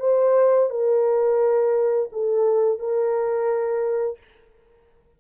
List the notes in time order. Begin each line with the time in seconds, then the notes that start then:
0.00 C5
0.70 A#4
2.12 A4
2.79 A#4